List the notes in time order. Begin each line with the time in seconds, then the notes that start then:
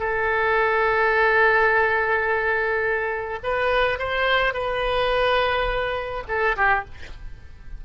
0.00 A4
3.43 B4
3.99 C5
4.54 B4
6.28 A4
6.57 G4